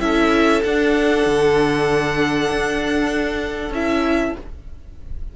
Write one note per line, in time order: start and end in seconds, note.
0.00 0.62 C#4
0.00 0.62 E4
0.00 4.34 A4
0.00 0.62 E5
0.63 1.26 D4
0.63 3.74 D4
0.63 3.73 F#5
1.26 2.49 D3
2.50 3.70 D4
3.70 4.32 C#4
3.70 4.36 E4
3.70 4.36 E5